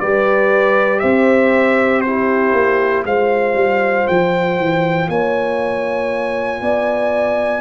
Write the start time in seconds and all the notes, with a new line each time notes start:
0.00 G3 G4 B4 D5
1.00 C4 C5 E5
2.01 E4 G4 C5
2.53 A#3
3.05 G#3 F4 C5 F5
3.54 G3
4.08 F3 G5
4.59 E3
5.08 A#3 C#5 G#5
6.61 B3 D5